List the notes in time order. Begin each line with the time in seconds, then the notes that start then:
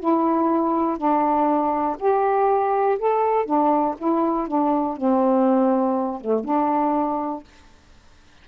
0.00 E4
0.98 D4
1.99 G4
2.99 A4
3.46 D4
3.98 E4
4.48 D4
4.97 C4
6.21 A3
6.45 D4